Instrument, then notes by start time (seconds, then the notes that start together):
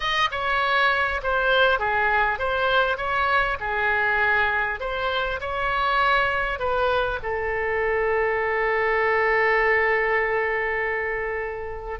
oboe
0.00 D#5
0.31 C#5
1.22 C5
1.79 G#4
2.38 C5
2.97 C#5
3.59 G#4
4.80 C5
5.40 C#5
6.59 B4
7.22 A4